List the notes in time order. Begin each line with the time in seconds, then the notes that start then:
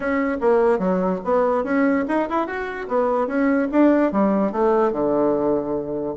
0.00 C#4
0.41 A#3
0.78 F#3
1.24 B3
1.63 C#4
2.08 D#4
2.29 E4
2.46 F#4
2.88 B3
3.27 C#4
3.71 D4
4.12 G3
4.51 A3
4.91 D3